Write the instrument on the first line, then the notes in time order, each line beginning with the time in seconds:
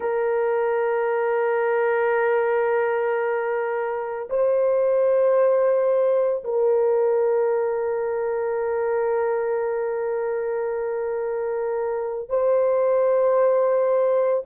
horn
0.00 A#4
4.29 C5
6.43 A#4
12.29 C5